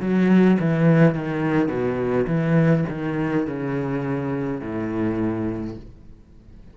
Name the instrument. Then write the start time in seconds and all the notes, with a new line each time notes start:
cello
0.00 F#3
0.59 E3
1.14 D#3
1.68 B2
2.27 E3
2.89 D#3
3.47 C#3
4.60 A2